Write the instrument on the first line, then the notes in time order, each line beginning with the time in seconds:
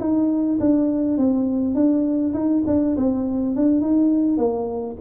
tuba
0.00 D#4
0.60 D4
1.18 C4
1.75 D4
2.34 D#4
2.67 D4
2.97 C4
3.56 D4
3.81 D#4
4.38 A#3